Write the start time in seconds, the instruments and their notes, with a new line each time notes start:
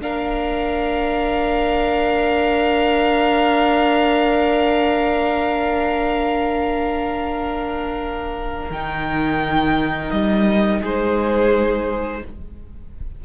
0.00 cello A#3, viola D4, violin A#4 F5
8.70 cello D#3, viola D#4, violin G5
10.10 cello G3, violin D#5
10.80 cello G#3, violin G#4 C5